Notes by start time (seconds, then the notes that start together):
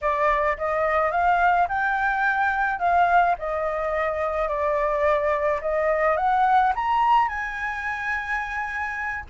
0.01 D5
0.57 D#5
1.11 F5
1.68 G5
2.79 F5
3.38 D#5
4.48 D5
5.61 D#5
6.16 F#5
6.75 A#5
7.28 G#5